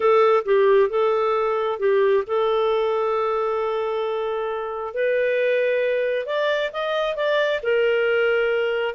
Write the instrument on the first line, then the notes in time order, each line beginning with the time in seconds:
clarinet
0.00 A4
0.45 G4
0.89 A4
1.79 G4
2.26 A4
4.94 B4
6.26 D5
6.72 D#5
7.15 D5
7.62 A#4